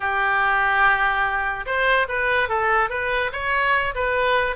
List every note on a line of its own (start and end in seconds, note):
0.00 1.65 G4
1.66 2.07 C5
2.08 2.48 B4
2.48 2.89 A4
2.89 3.31 B4
3.32 3.94 C#5
3.94 4.56 B4